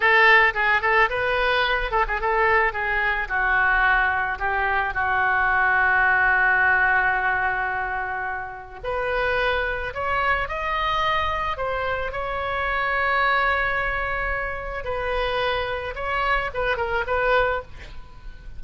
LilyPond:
\new Staff \with { instrumentName = "oboe" } { \time 4/4 \tempo 4 = 109 a'4 gis'8 a'8 b'4. a'16 gis'16 | a'4 gis'4 fis'2 | g'4 fis'2.~ | fis'1 |
b'2 cis''4 dis''4~ | dis''4 c''4 cis''2~ | cis''2. b'4~ | b'4 cis''4 b'8 ais'8 b'4 | }